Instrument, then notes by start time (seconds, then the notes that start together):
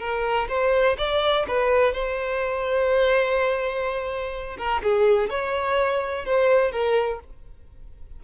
violin
0.00 A#4
0.49 C5
0.98 D5
1.48 B4
1.93 C5
4.58 A#4
4.83 G#4
5.30 C#5
6.25 C5
6.72 A#4